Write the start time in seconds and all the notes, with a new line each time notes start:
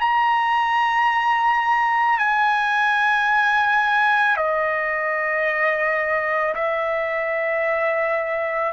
0.00 A#5
2.18 G#5
4.36 D#5
6.55 E5